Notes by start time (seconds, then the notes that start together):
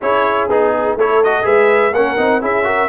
0.01 C#4 E4 G#4 C#5
0.48 B3 D#4 G#4
0.96 A3 E4 A4 C#5
1.23 F#4 D#5
1.42 G#3 G#4 B4 E5
1.92 A#3 C#4 A#4 F#5
2.17 C4 D#4
2.41 C#4 E4 G#4 E5
2.63 F#4 A#4